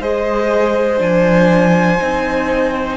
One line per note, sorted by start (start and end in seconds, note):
0.00 1.00 G#3
0.00 0.98 G#4
0.00 2.97 C5
0.00 1.01 D#5
0.98 2.00 F3
0.98 1.98 D4
0.98 2.97 G#5
2.00 2.97 C4
2.00 2.97 D#4